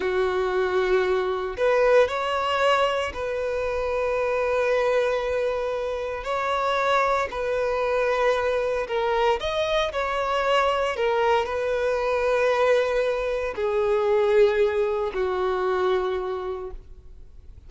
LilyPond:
\new Staff \with { instrumentName = "violin" } { \time 4/4 \tempo 4 = 115 fis'2. b'4 | cis''2 b'2~ | b'1 | cis''2 b'2~ |
b'4 ais'4 dis''4 cis''4~ | cis''4 ais'4 b'2~ | b'2 gis'2~ | gis'4 fis'2. | }